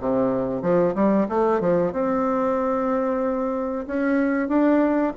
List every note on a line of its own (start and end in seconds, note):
0.00 0.62 C3
0.62 0.94 F3
0.95 1.27 G3
1.29 1.60 A3
1.60 1.92 F3
1.92 3.86 C4
3.87 4.48 C#4
4.48 5.13 D4